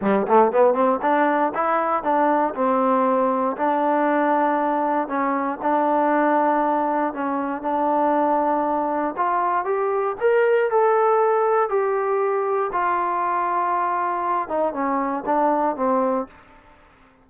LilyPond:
\new Staff \with { instrumentName = "trombone" } { \time 4/4 \tempo 4 = 118 g8 a8 b8 c'8 d'4 e'4 | d'4 c'2 d'4~ | d'2 cis'4 d'4~ | d'2 cis'4 d'4~ |
d'2 f'4 g'4 | ais'4 a'2 g'4~ | g'4 f'2.~ | f'8 dis'8 cis'4 d'4 c'4 | }